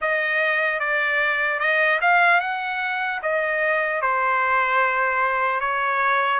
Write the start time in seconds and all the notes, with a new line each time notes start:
0.01 D#5
0.79 D5
1.59 D#5
2.01 F5
2.40 F#5
3.22 D#5
4.01 C5
5.60 C#5